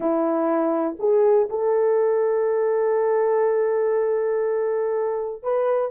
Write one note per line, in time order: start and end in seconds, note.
0.00 0.96 E4
0.99 1.48 G#4
1.49 5.42 A4
5.42 5.91 B4